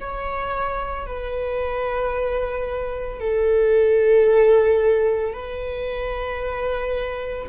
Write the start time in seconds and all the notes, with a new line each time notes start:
0.00 C#5
1.06 B4
3.20 A4
5.33 B4